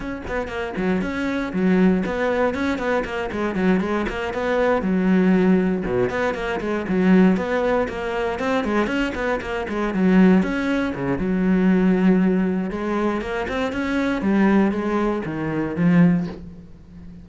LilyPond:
\new Staff \with { instrumentName = "cello" } { \time 4/4 \tempo 4 = 118 cis'8 b8 ais8 fis8 cis'4 fis4 | b4 cis'8 b8 ais8 gis8 fis8 gis8 | ais8 b4 fis2 b,8 | b8 ais8 gis8 fis4 b4 ais8~ |
ais8 c'8 gis8 cis'8 b8 ais8 gis8 fis8~ | fis8 cis'4 cis8 fis2~ | fis4 gis4 ais8 c'8 cis'4 | g4 gis4 dis4 f4 | }